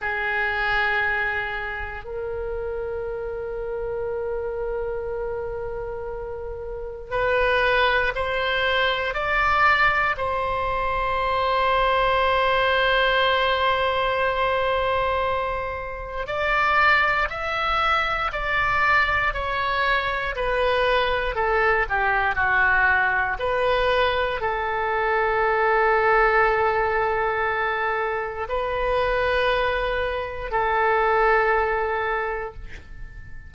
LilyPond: \new Staff \with { instrumentName = "oboe" } { \time 4/4 \tempo 4 = 59 gis'2 ais'2~ | ais'2. b'4 | c''4 d''4 c''2~ | c''1 |
d''4 e''4 d''4 cis''4 | b'4 a'8 g'8 fis'4 b'4 | a'1 | b'2 a'2 | }